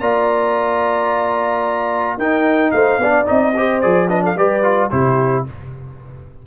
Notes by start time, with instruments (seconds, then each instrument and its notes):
0.00 tuba A#3, trombone F4, horn D5, trumpet A#5
2.18 tuba D#4, trombone D#4, horn A#4, trumpet G5
2.71 tuba A3, horn C5, trumpet F5
2.98 tuba B3, trombone D4, horn D5
3.25 tuba C4, trombone D#4, trumpet D#5
3.56 trombone G4, horn C5
3.81 tuba F3, trombone G#4, trumpet D5
4.08 trombone D4, horn B4, trumpet D#5
4.23 horn A4, trumpet F5
4.36 tuba G3, trombone G4, horn B4, trumpet D5
4.63 trombone F4
4.90 tuba C3, trombone E4, horn G4, trumpet C5